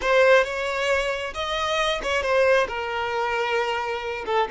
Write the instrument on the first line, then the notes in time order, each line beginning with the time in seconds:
violin
0.01 C5
0.44 C#5
1.34 D#5
2.02 C#5
2.22 C5
2.68 A#4
4.26 A4